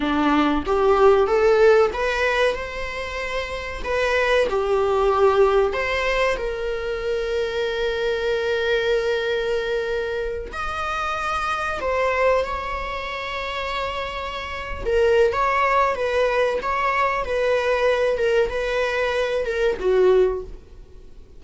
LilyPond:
\new Staff \with { instrumentName = "viola" } { \time 4/4 \tempo 4 = 94 d'4 g'4 a'4 b'4 | c''2 b'4 g'4~ | g'4 c''4 ais'2~ | ais'1~ |
ais'8 dis''2 c''4 cis''8~ | cis''2.~ cis''16 ais'8. | cis''4 b'4 cis''4 b'4~ | b'8 ais'8 b'4. ais'8 fis'4 | }